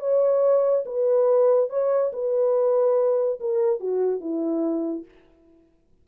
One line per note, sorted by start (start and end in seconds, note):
0.00 0.85 C#5
0.86 1.70 B4
1.70 2.12 C#5
2.13 3.40 B4
3.41 3.80 A#4
3.80 4.21 F#4
4.21 5.05 E4